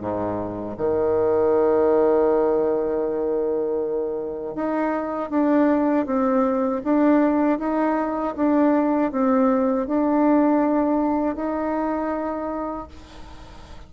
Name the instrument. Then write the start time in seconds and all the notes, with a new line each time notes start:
bassoon
0.00 G#2
0.77 D#3
4.55 D#4
5.30 D4
6.06 C4
6.84 D4
7.58 D#4
8.35 D4
9.11 C4
9.87 D4
11.35 D#4